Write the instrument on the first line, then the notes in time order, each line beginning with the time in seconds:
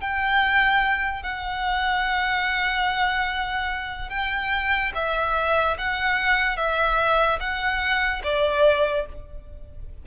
violin
0.00 G5
1.22 F#5
4.09 G5
4.95 E5
5.77 F#5
6.56 E5
7.39 F#5
8.23 D5